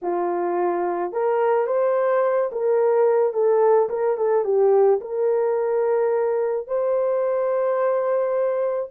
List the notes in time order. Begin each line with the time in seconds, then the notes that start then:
0.02 F4
1.12 A#4
1.67 C5
2.52 A#4
3.33 A4
3.89 A#4
4.17 A4
4.44 G4
5.00 A#4
6.67 C5